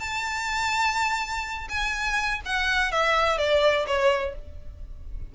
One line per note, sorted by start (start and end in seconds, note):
0.00 1.68 A5
1.69 2.41 G#5
2.45 2.92 F#5
2.92 3.38 E5
3.38 3.86 D5
3.87 4.35 C#5